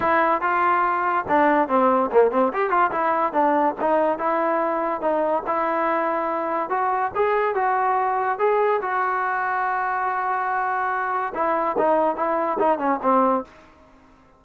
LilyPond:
\new Staff \with { instrumentName = "trombone" } { \time 4/4 \tempo 4 = 143 e'4 f'2 d'4 | c'4 ais8 c'8 g'8 f'8 e'4 | d'4 dis'4 e'2 | dis'4 e'2. |
fis'4 gis'4 fis'2 | gis'4 fis'2.~ | fis'2. e'4 | dis'4 e'4 dis'8 cis'8 c'4 | }